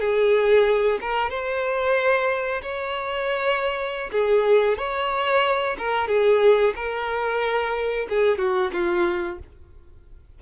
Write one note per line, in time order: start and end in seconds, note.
0.00 0.99 G#4
1.01 1.30 A#4
1.30 2.62 C5
2.62 4.11 C#5
4.12 4.78 G#4
4.78 5.77 C#5
5.78 6.08 A#4
6.08 6.74 G#4
6.76 8.07 A#4
8.09 8.38 G#4
8.38 8.71 F#4
8.73 9.39 F4